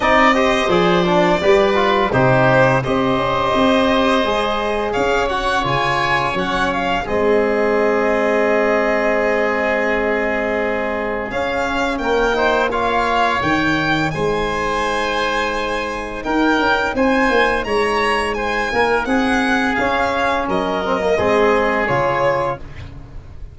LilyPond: <<
  \new Staff \with { instrumentName = "violin" } { \time 4/4 \tempo 4 = 85 dis''4 d''2 c''4 | dis''2. f''8 fis''8 | gis''4 fis''8 f''8 dis''2~ | dis''1 |
f''4 g''4 f''4 g''4 | gis''2. g''4 | gis''4 ais''4 gis''4 fis''4 | f''4 dis''2 cis''4 | }
  \new Staff \with { instrumentName = "oboe" } { \time 4/4 d''8 c''4. b'4 g'4 | c''2. cis''4~ | cis''2 gis'2~ | gis'1~ |
gis'4 ais'8 c''8 cis''2 | c''2. ais'4 | c''4 cis''4 c''8 ais'8 gis'4~ | gis'4 ais'4 gis'2 | }
  \new Staff \with { instrumentName = "trombone" } { \time 4/4 dis'8 g'8 gis'8 d'8 g'8 f'8 dis'4 | g'2 gis'4. fis'8 | f'4 cis'4 c'2~ | c'1 |
cis'4. dis'8 f'4 dis'4~ | dis'1~ | dis'1 | cis'4. c'16 ais16 c'4 f'4 | }
  \new Staff \with { instrumentName = "tuba" } { \time 4/4 c'4 f4 g4 c4 | c'8 cis'8 c'4 gis4 cis'4 | cis4 fis4 gis2~ | gis1 |
cis'4 ais2 dis4 | gis2. dis'8 cis'8 | c'8 ais8 gis4. ais8 c'4 | cis'4 fis4 gis4 cis4 | }
>>